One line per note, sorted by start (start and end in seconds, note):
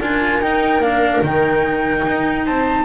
0.00 0.41 D4
0.00 0.41 F4
0.00 2.45 A#4
0.00 0.43 G#5
0.41 0.78 D#4
0.41 0.82 D#4
0.41 0.82 G5
0.78 1.19 A#3
0.78 1.23 D4
0.78 1.23 F5
1.22 2.03 D#3
1.22 2.85 D#4
1.22 2.46 G5
2.06 2.46 D#4
2.45 2.85 C4
2.45 2.85 C5
2.45 2.85 A5